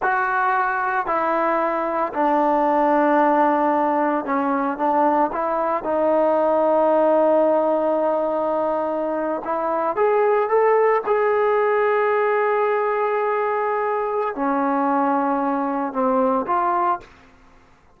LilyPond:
\new Staff \with { instrumentName = "trombone" } { \time 4/4 \tempo 4 = 113 fis'2 e'2 | d'1 | cis'4 d'4 e'4 dis'4~ | dis'1~ |
dis'4.~ dis'16 e'4 gis'4 a'16~ | a'8. gis'2.~ gis'16~ | gis'2. cis'4~ | cis'2 c'4 f'4 | }